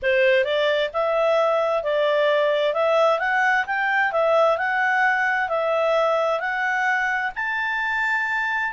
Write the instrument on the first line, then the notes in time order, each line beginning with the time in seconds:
clarinet
0.02 C5
0.44 D5
0.93 E5
1.83 D5
2.73 E5
3.19 F#5
3.66 G5
4.12 E5
4.57 F#5
5.49 E5
6.40 F#5
7.35 A5